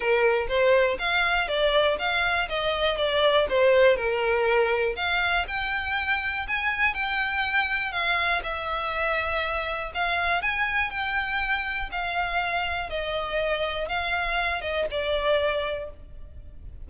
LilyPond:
\new Staff \with { instrumentName = "violin" } { \time 4/4 \tempo 4 = 121 ais'4 c''4 f''4 d''4 | f''4 dis''4 d''4 c''4 | ais'2 f''4 g''4~ | g''4 gis''4 g''2 |
f''4 e''2. | f''4 gis''4 g''2 | f''2 dis''2 | f''4. dis''8 d''2 | }